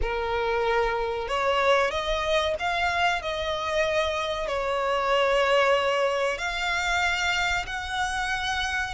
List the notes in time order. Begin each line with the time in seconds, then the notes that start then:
0.01 A#4
1.28 C#5
1.91 D#5
2.59 F5
3.21 D#5
4.47 C#5
6.38 F5
7.66 F#5